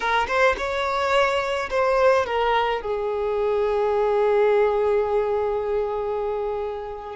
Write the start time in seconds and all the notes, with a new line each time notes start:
0.00 A#4
0.27 C5
0.57 C#5
1.70 C5
2.26 A#4
2.81 G#4